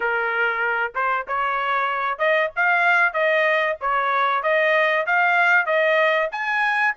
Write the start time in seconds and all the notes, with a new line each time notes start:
0.00 A#4
0.94 C5
1.27 C#5
2.18 D#5
2.56 F5
3.13 D#5
3.80 C#5
4.42 D#5
5.06 F5
5.66 D#5
6.31 G#5